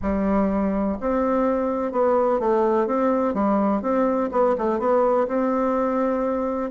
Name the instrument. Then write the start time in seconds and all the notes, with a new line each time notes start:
bassoon
0.02 G3
1.00 C4
1.91 B3
2.39 A3
2.86 C4
3.34 G3
3.82 C4
4.31 B3
4.58 A3
4.79 B3
5.27 C4